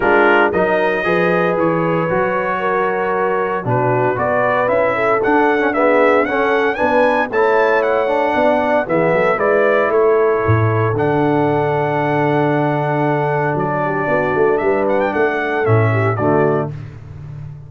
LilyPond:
<<
  \new Staff \with { instrumentName = "trumpet" } { \time 4/4 \tempo 4 = 115 ais'4 dis''2 cis''4~ | cis''2. b'4 | d''4 e''4 fis''4 e''4 | fis''4 gis''4 a''4 fis''4~ |
fis''4 e''4 d''4 cis''4~ | cis''4 fis''2.~ | fis''2 d''2 | e''8 fis''16 g''16 fis''4 e''4 d''4 | }
  \new Staff \with { instrumentName = "horn" } { \time 4/4 f'4 ais'4 b'2~ | b'4 ais'2 fis'4 | b'4. a'4. gis'4 | a'4 b'4 cis''2 |
d''4 gis'8 a'8 b'4 a'4~ | a'1~ | a'2~ a'8 g'8 fis'4 | b'4 a'4. g'8 fis'4 | }
  \new Staff \with { instrumentName = "trombone" } { \time 4/4 d'4 dis'4 gis'2 | fis'2. d'4 | fis'4 e'4 d'8. cis'16 b4 | cis'4 d'4 e'4. d'8~ |
d'4 b4 e'2~ | e'4 d'2.~ | d'1~ | d'2 cis'4 a4 | }
  \new Staff \with { instrumentName = "tuba" } { \time 4/4 gis4 fis4 f4 e4 | fis2. b,4 | b4 cis'4 d'2 | cis'4 b4 a2 |
b4 e8 fis8 gis4 a4 | a,4 d2.~ | d2 fis4 b8 a8 | g4 a4 a,4 d4 | }
>>